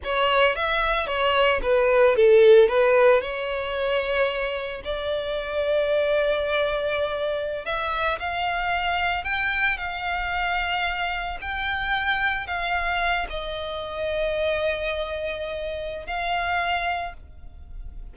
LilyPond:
\new Staff \with { instrumentName = "violin" } { \time 4/4 \tempo 4 = 112 cis''4 e''4 cis''4 b'4 | a'4 b'4 cis''2~ | cis''4 d''2.~ | d''2~ d''16 e''4 f''8.~ |
f''4~ f''16 g''4 f''4.~ f''16~ | f''4~ f''16 g''2 f''8.~ | f''8. dis''2.~ dis''16~ | dis''2 f''2 | }